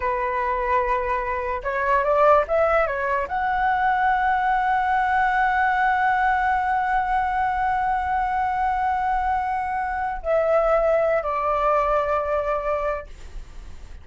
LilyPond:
\new Staff \with { instrumentName = "flute" } { \time 4/4 \tempo 4 = 147 b'1 | cis''4 d''4 e''4 cis''4 | fis''1~ | fis''1~ |
fis''1~ | fis''1~ | fis''4 e''2~ e''8 d''8~ | d''1 | }